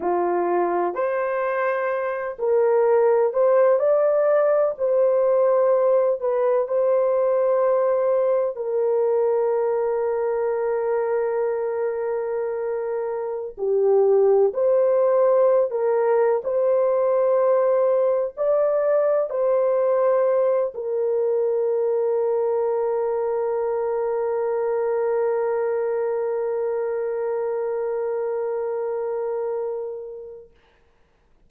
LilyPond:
\new Staff \with { instrumentName = "horn" } { \time 4/4 \tempo 4 = 63 f'4 c''4. ais'4 c''8 | d''4 c''4. b'8 c''4~ | c''4 ais'2.~ | ais'2~ ais'16 g'4 c''8.~ |
c''8 ais'8. c''2 d''8.~ | d''16 c''4. ais'2~ ais'16~ | ais'1~ | ais'1 | }